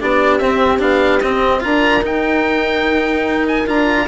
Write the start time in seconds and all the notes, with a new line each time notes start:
0.00 B3 D4 G4 D5
0.38 C4 E5
0.79 B3 D4 F5
1.21 C4 D#5
1.61 D4 F4 A#4 A#5
2.02 D#4 G5
3.48 G#5
3.67 D4 F4 A#5